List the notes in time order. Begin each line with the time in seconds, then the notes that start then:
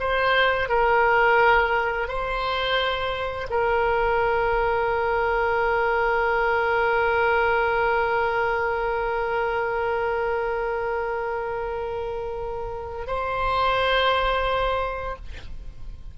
0.00 C5
0.69 A#4
2.08 C5
3.50 A#4
13.07 C5